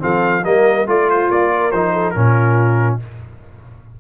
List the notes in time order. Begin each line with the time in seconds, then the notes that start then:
0.00 F3 C4 A4 F5
0.44 G3 A#3 A#4 D#5
0.87 A3 F4 D5
1.10 C5
1.30 A#3 D5
1.53 A#4
1.71 F3 D#4 C5
1.93 A4
2.10 A#2 C#4 F4 A#4